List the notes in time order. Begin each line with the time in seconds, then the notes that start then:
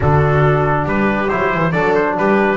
0.00 D3 D4 F#4 A4
0.84 G3 G4 B4
1.29 F#3 E4 C5
1.53 E3
1.71 F#3 D4 A4 D5
1.94 C5
2.17 G3 G4 B4